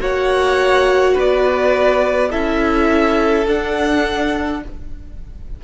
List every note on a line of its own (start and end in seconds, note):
0.00 1.16 A#3
0.00 2.31 F#4
0.00 1.14 C#5
0.00 1.18 F#5
1.14 2.34 B3
1.14 2.30 B4
1.14 2.32 D5
2.31 3.47 C#4
2.31 3.46 E4
2.31 4.61 A4
2.31 3.47 E5
3.47 4.62 D4
3.47 4.64 D4
3.47 4.64 F#5